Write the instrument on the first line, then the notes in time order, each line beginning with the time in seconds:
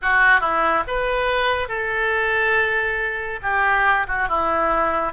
oboe
0.02 F#4
0.40 E4
0.86 B4
1.68 A4
3.42 G4
4.07 F#4
4.28 E4